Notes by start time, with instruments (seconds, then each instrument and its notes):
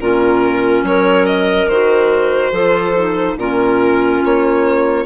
0.00 bassoon A#2, clarinet C#4 F4, violin A#4
0.83 bassoon F#3, clarinet A#4, violin C#5
1.26 violin D#5
1.68 bassoon D#3, clarinet F#4, violin C5
2.52 bassoon F3, clarinet F4 A4
2.96 clarinet D#4
3.37 bassoon A#2, clarinet C#4 F4, violin A#4
4.25 bassoon A#3, violin C#5